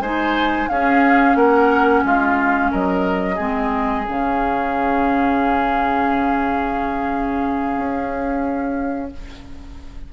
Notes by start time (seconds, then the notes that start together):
0.00 G#3 D#4 C5 G#5
0.69 C#4 G#4 F5
1.35 A#3 A#4 F#5
2.04 G#3 F4 F5
2.71 F#3 A#4 D#5
3.35 G#3 C4 G#4
4.06 C#3 C#4 F5
7.77 C#4